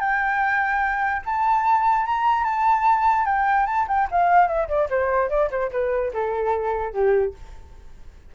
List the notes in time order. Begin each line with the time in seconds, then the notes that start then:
0.00 G5
1.25 A5
2.06 A#5
2.44 A5
3.25 G5
3.66 A5
3.88 G5
4.11 F5
4.48 E5
4.68 D5
4.90 C5
5.30 D5
5.50 C5
5.72 B4
6.13 A4
6.93 G4